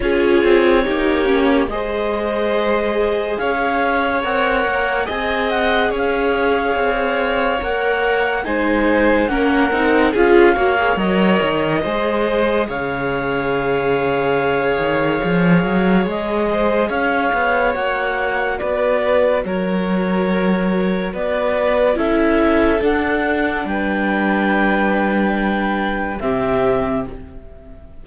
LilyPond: <<
  \new Staff \with { instrumentName = "clarinet" } { \time 4/4 \tempo 4 = 71 cis''2 dis''2 | f''4 fis''4 gis''8 fis''8 f''4~ | f''4 fis''4 gis''4 fis''4 | f''4 dis''2 f''4~ |
f''2. dis''4 | f''4 fis''4 d''4 cis''4~ | cis''4 d''4 e''4 fis''4 | g''2. e''4 | }
  \new Staff \with { instrumentName = "violin" } { \time 4/4 gis'4 g'4 c''2 | cis''2 dis''4 cis''4~ | cis''2 c''4 ais'4 | gis'8 cis''4. c''4 cis''4~ |
cis''2.~ cis''8 c''8 | cis''2 b'4 ais'4~ | ais'4 b'4 a'2 | b'2. g'4 | }
  \new Staff \with { instrumentName = "viola" } { \time 4/4 f'4 dis'8 cis'8 gis'2~ | gis'4 ais'4 gis'2~ | gis'4 ais'4 dis'4 cis'8 dis'8 | f'8 fis'16 gis'16 ais'4 gis'2~ |
gis'1~ | gis'4 fis'2.~ | fis'2 e'4 d'4~ | d'2. c'4 | }
  \new Staff \with { instrumentName = "cello" } { \time 4/4 cis'8 c'8 ais4 gis2 | cis'4 c'8 ais8 c'4 cis'4 | c'4 ais4 gis4 ais8 c'8 | cis'8 ais8 fis8 dis8 gis4 cis4~ |
cis4. dis8 f8 fis8 gis4 | cis'8 b8 ais4 b4 fis4~ | fis4 b4 cis'4 d'4 | g2. c4 | }
>>